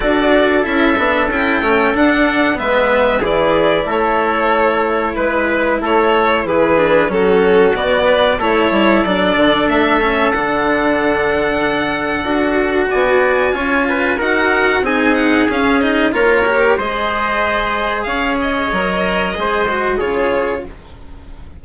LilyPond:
<<
  \new Staff \with { instrumentName = "violin" } { \time 4/4 \tempo 4 = 93 d''4 e''4 g''4 fis''4 | e''4 d''4 cis''2 | b'4 cis''4 b'4 a'4 | d''4 cis''4 d''4 e''4 |
fis''1 | gis''2 fis''4 gis''8 fis''8 | f''8 dis''8 cis''4 dis''2 | f''8 dis''2~ dis''8 cis''4 | }
  \new Staff \with { instrumentName = "trumpet" } { \time 4/4 a'1 | b'4 gis'4 a'2 | b'4 a'4 gis'4 fis'4~ | fis'8 b'8 a'2.~ |
a'1 | d''4 cis''8 b'8 ais'4 gis'4~ | gis'4 ais'4 c''2 | cis''2 c''4 gis'4 | }
  \new Staff \with { instrumentName = "cello" } { \time 4/4 fis'4 e'8 d'8 e'8 cis'8 d'4 | b4 e'2.~ | e'2~ e'8 d'8 cis'4 | b4 e'4 d'4. cis'8 |
d'2. fis'4~ | fis'4 f'4 fis'4 dis'4 | cis'8 dis'8 f'8 g'8 gis'2~ | gis'4 ais'4 gis'8 fis'8 f'4 | }
  \new Staff \with { instrumentName = "bassoon" } { \time 4/4 d'4 cis'8 b8 cis'8 a8 d'4 | gis4 e4 a2 | gis4 a4 e4 fis4 | b,4 a8 g8 fis8 d8 a4 |
d2. d'4 | b4 cis'4 dis'4 c'4 | cis'4 ais4 gis2 | cis'4 fis4 gis4 cis4 | }
>>